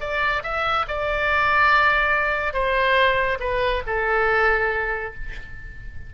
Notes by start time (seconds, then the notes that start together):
0.00 D5
0.43 E5
0.88 D5
2.53 C5
3.40 B4
3.86 A4